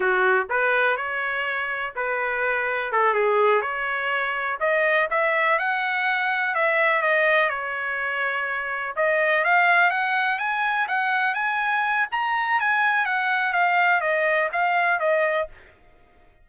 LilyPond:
\new Staff \with { instrumentName = "trumpet" } { \time 4/4 \tempo 4 = 124 fis'4 b'4 cis''2 | b'2 a'8 gis'4 cis''8~ | cis''4. dis''4 e''4 fis''8~ | fis''4. e''4 dis''4 cis''8~ |
cis''2~ cis''8 dis''4 f''8~ | f''8 fis''4 gis''4 fis''4 gis''8~ | gis''4 ais''4 gis''4 fis''4 | f''4 dis''4 f''4 dis''4 | }